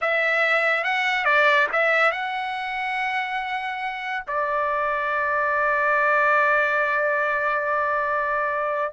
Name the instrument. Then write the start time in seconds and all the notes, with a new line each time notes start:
trumpet
0.01 E5
0.84 F#5
1.24 D5
1.72 E5
2.11 F#5
4.27 D5